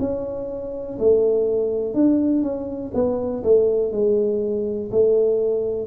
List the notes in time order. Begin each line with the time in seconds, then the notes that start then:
0.00 C#4
0.99 A3
1.94 D4
2.43 C#4
2.94 B3
3.44 A3
3.92 G#3
4.91 A3